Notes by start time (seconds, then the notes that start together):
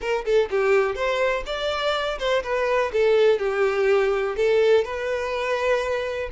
0.00 A#4
0.25 A4
0.50 G4
0.95 C5
1.46 D5
2.18 C5
2.43 B4
2.93 A4
3.38 G4
4.36 A4
4.84 B4